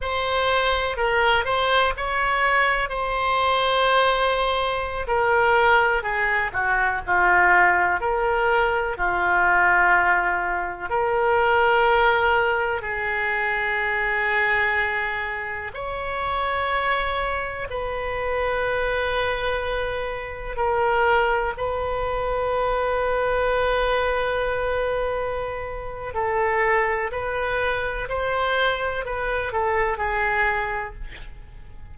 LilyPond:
\new Staff \with { instrumentName = "oboe" } { \time 4/4 \tempo 4 = 62 c''4 ais'8 c''8 cis''4 c''4~ | c''4~ c''16 ais'4 gis'8 fis'8 f'8.~ | f'16 ais'4 f'2 ais'8.~ | ais'4~ ais'16 gis'2~ gis'8.~ |
gis'16 cis''2 b'4.~ b'16~ | b'4~ b'16 ais'4 b'4.~ b'16~ | b'2. a'4 | b'4 c''4 b'8 a'8 gis'4 | }